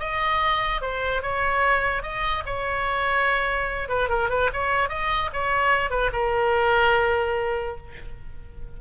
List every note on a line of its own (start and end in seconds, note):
0.00 0.82 D#5
0.82 1.23 C5
1.23 2.03 C#5
2.03 2.44 D#5
2.46 3.89 C#5
3.89 4.09 B4
4.09 4.30 A#4
4.30 4.51 B4
4.53 4.89 C#5
4.89 5.31 D#5
5.34 5.90 C#5
5.90 6.11 B4
6.13 7.77 A#4